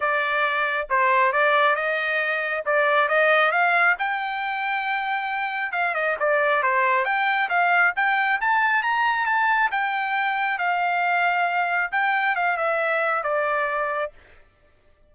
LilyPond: \new Staff \with { instrumentName = "trumpet" } { \time 4/4 \tempo 4 = 136 d''2 c''4 d''4 | dis''2 d''4 dis''4 | f''4 g''2.~ | g''4 f''8 dis''8 d''4 c''4 |
g''4 f''4 g''4 a''4 | ais''4 a''4 g''2 | f''2. g''4 | f''8 e''4. d''2 | }